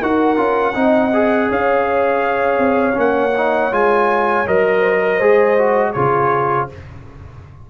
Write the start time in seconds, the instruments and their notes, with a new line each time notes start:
0.00 tuba D#4, trombone F#4, horn A#4, trumpet F#5
0.37 tuba C#4, trombone F4
0.74 tuba C4, trombone D#4, horn D#5
1.14 trombone G#4
1.49 tuba C#4, horn C#5, trumpet F5
2.58 tuba C4
2.94 tuba A#3, trombone C#4, trumpet F#5
3.37 trombone D#4
3.71 tuba G#3, trombone F4, trumpet G#5
4.47 tuba F#3, trombone A#4, trumpet D#5
4.79 horn C5
5.00 horn A#4
5.16 tuba G#3, trombone G#4, horn C5
5.58 trombone F#4
5.93 tuba C#3, trombone F4, horn G#4, trumpet C#5